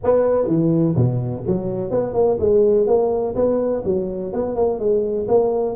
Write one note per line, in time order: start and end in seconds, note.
0.03 0.46 B3
0.46 0.94 E3
0.95 1.43 B2
1.47 1.90 F#3
1.90 2.13 B3
2.13 2.37 A#3
2.39 2.86 G#3
2.86 3.34 A#3
3.35 3.83 B3
3.84 4.32 F#3
4.32 4.55 B3
4.55 4.79 A#3
4.79 5.27 G#3
5.28 5.76 A#3